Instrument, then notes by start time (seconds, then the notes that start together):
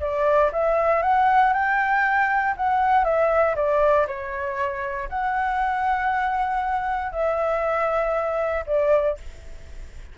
flute
0.00 D5
0.52 E5
1.02 F#5
1.53 G5
2.56 F#5
3.04 E5
3.55 D5
4.07 C#5
5.09 F#5
7.12 E5
8.66 D5